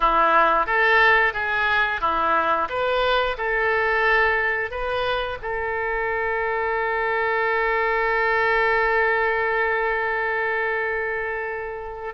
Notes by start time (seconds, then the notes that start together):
0.00 E4
0.66 A4
1.33 G#4
2.00 E4
2.69 B4
3.37 A4
4.70 B4
5.41 A4